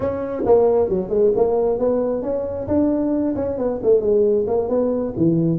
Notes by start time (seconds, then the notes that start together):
0.00 C#4
0.45 A#3
0.89 F#3
1.09 G#3
1.36 A#3
1.78 B3
2.22 C#4
2.67 D4
3.35 C#4
3.58 B3
3.83 A3
4.00 G#3
4.47 A#3
4.69 B3
5.16 E3